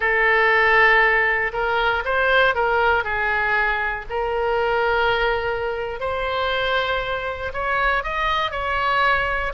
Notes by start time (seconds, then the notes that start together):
0.00 A4
1.52 A#4
2.05 C5
2.54 A#4
3.04 G#4
4.09 A#4
6.00 C5
7.53 C#5
8.03 D#5
8.51 C#5